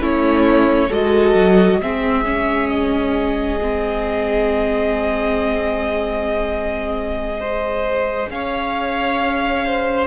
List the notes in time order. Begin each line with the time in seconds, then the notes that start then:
0.00 A3 C#4 E4 C#5
0.88 G#3 F#4 A4 D#5
1.35 F#3
1.78 G#3 C4 G#4 E5
2.25 C#4
2.70 D#5
3.61 C4
7.40 G#4 C5
8.30 C#4 C#5 F5
9.66 C5